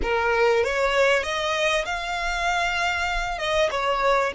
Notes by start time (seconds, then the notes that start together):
0.02 A#4
0.64 C#5
1.23 D#5
1.85 F5
3.38 D#5
3.70 C#5